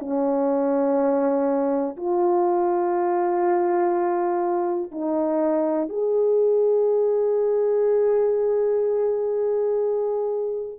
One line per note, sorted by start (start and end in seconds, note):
0.00 1.97 C#4
1.97 4.92 F4
4.92 5.89 D#4
5.89 10.80 G#4